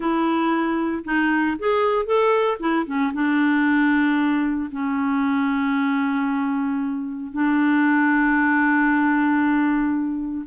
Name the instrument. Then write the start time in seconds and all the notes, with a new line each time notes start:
clarinet
0.00 E4
1.04 D#4
1.58 G#4
2.05 A4
2.59 E4
2.86 C#4
3.13 D4
4.71 C#4
7.31 D4